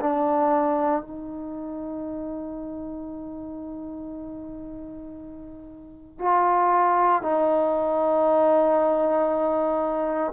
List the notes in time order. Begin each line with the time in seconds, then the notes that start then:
0.00 D4
1.02 D#4
6.19 F4
7.22 D#4